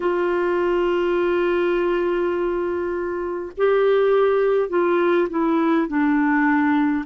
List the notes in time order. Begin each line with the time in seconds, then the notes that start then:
0.00 F4
3.57 G4
4.69 F4
5.29 E4
5.87 D4